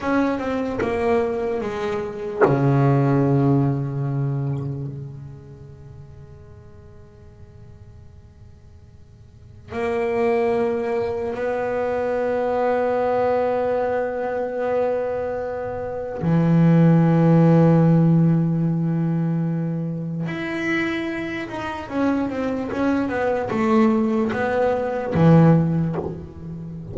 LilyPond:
\new Staff \with { instrumentName = "double bass" } { \time 4/4 \tempo 4 = 74 cis'8 c'8 ais4 gis4 cis4~ | cis2 gis2~ | gis1 | ais2 b2~ |
b1 | e1~ | e4 e'4. dis'8 cis'8 c'8 | cis'8 b8 a4 b4 e4 | }